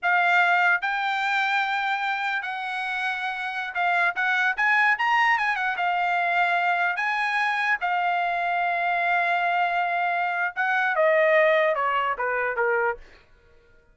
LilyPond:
\new Staff \with { instrumentName = "trumpet" } { \time 4/4 \tempo 4 = 148 f''2 g''2~ | g''2 fis''2~ | fis''4~ fis''16 f''4 fis''4 gis''8.~ | gis''16 ais''4 gis''8 fis''8 f''4.~ f''16~ |
f''4~ f''16 gis''2 f''8.~ | f''1~ | f''2 fis''4 dis''4~ | dis''4 cis''4 b'4 ais'4 | }